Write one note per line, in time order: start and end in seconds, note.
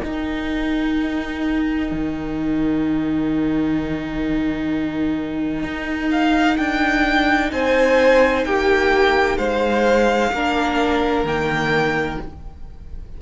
0.00 10.35 D#4
0.00 1.92 D#4
0.00 7.53 A#4
0.00 6.09 G5
1.92 5.64 D#3
5.64 6.57 D#4
6.12 6.57 F5
6.57 7.52 D4
6.57 7.51 G5
7.52 8.46 C4
7.52 8.47 C5
7.52 8.45 G#5
8.45 9.38 A#3
8.45 9.38 G4
8.45 9.38 G5
9.38 10.32 G#3
9.38 10.32 C5
9.38 11.25 F5
10.32 11.24 A#3
10.32 11.26 D4
10.32 12.22 A#4
11.24 12.18 D#3
11.24 12.20 A#3
11.24 12.21 G5